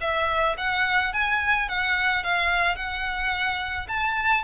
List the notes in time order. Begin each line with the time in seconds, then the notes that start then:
0.00 E5
0.57 F#5
1.13 G#5
1.68 F#5
2.23 F5
2.76 F#5
3.88 A5